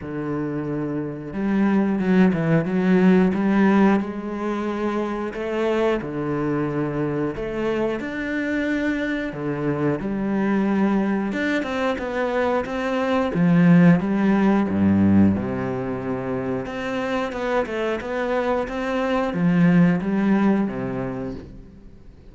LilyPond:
\new Staff \with { instrumentName = "cello" } { \time 4/4 \tempo 4 = 90 d2 g4 fis8 e8 | fis4 g4 gis2 | a4 d2 a4 | d'2 d4 g4~ |
g4 d'8 c'8 b4 c'4 | f4 g4 g,4 c4~ | c4 c'4 b8 a8 b4 | c'4 f4 g4 c4 | }